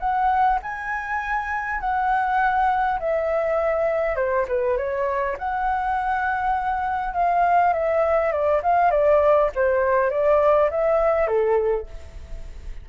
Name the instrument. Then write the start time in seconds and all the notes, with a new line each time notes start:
flute
0.00 F#5
0.63 G#5
1.81 F#5
3.00 E5
4.16 C5
4.48 B4
4.77 C#5
5.39 F#5
7.14 F5
7.74 E5
8.32 D5
8.63 F5
8.91 D5
9.55 C5
10.11 D5
10.71 E5
11.27 A4